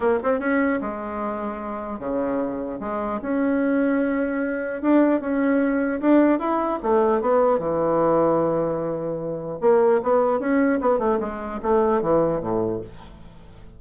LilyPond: \new Staff \with { instrumentName = "bassoon" } { \time 4/4 \tempo 4 = 150 ais8 c'8 cis'4 gis2~ | gis4 cis2 gis4 | cis'1 | d'4 cis'2 d'4 |
e'4 a4 b4 e4~ | e1 | ais4 b4 cis'4 b8 a8 | gis4 a4 e4 a,4 | }